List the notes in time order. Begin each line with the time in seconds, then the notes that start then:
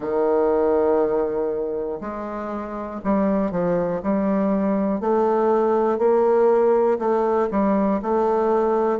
0.00 D#3
2.00 G#3
3.04 G3
3.51 F3
4.03 G3
5.00 A3
5.98 A#3
6.99 A3
7.50 G3
8.01 A3